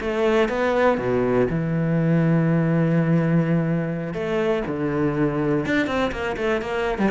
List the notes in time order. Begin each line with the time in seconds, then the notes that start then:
0.00 A3
0.49 B3
0.98 B2
1.50 E3
4.13 A3
4.67 D3
5.65 D4
5.86 C4
6.11 A#3
6.36 A3
6.61 A#3
6.98 G3